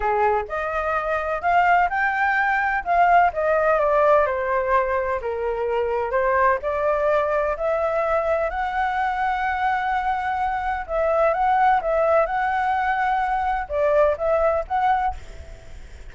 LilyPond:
\new Staff \with { instrumentName = "flute" } { \time 4/4 \tempo 4 = 127 gis'4 dis''2 f''4 | g''2 f''4 dis''4 | d''4 c''2 ais'4~ | ais'4 c''4 d''2 |
e''2 fis''2~ | fis''2. e''4 | fis''4 e''4 fis''2~ | fis''4 d''4 e''4 fis''4 | }